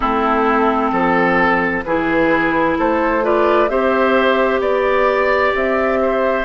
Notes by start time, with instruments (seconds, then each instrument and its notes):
0.00 bassoon A3, clarinet C4, oboe E4, flute A4
0.92 bassoon F3, oboe A4
1.83 bassoon E3, clarinet E4, oboe G#4, flute B4
2.78 bassoon A3, oboe A4, flute C5
3.22 clarinet F4, oboe B4, flute D5
3.68 bassoon C4, clarinet G4, oboe C5, flute E5
4.59 bassoon B3, oboe D5, flute D5
5.54 bassoon C4, flute E5
6.02 oboe C5